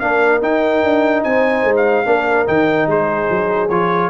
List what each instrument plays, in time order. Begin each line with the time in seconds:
0.00 tuba A#3, trombone D4, horn A#4, trumpet F5
0.41 trombone D#4, tuba D#4, trumpet G5
0.83 tuba D4
1.23 tuba C4, horn C5, trumpet G#5
1.63 tuba G#3
1.77 trumpet F5
2.05 tuba A#3, trombone D4, horn A#4
2.46 tuba D#3, trombone D#4, trumpet G5
2.87 tuba G#3, horn G#4, trumpet C5
3.30 tuba F#3
3.69 tuba F3, trombone F4, trumpet C#5